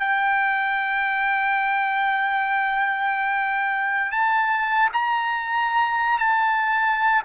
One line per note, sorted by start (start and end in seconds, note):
0.00 4.12 G5
4.12 4.89 A5
4.94 6.19 A#5
6.19 7.23 A5